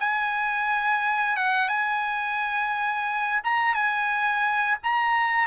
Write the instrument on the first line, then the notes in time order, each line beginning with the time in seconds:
trumpet
0.00 G#5
1.37 F#5
1.69 G#5
3.44 A#5
3.75 G#5
4.84 A#5